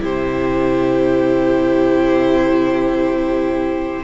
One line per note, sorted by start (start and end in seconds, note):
0.00 4.04 C3
0.00 4.04 E4
0.00 4.04 G4
0.00 4.04 C5